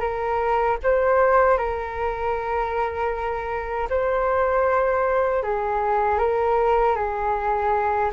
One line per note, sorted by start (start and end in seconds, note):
0.00 0.77 A#4
0.83 1.57 C5
1.57 3.88 A#4
3.89 5.43 C5
5.43 6.18 G#4
6.18 6.95 A#4
6.95 8.10 G#4